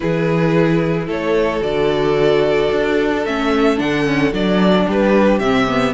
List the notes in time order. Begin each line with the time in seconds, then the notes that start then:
0.00 E3 E4 G#4 B4
1.06 A3 A4 C#5
1.61 D3 F#4 D5
2.71 D4
3.25 A3 C#4 E5
3.77 D3 D4 F#5
4.04 C#4
4.32 F#3 D4 D5
4.87 G3 G4 B4
5.39 C3 C4 E5
5.67 B3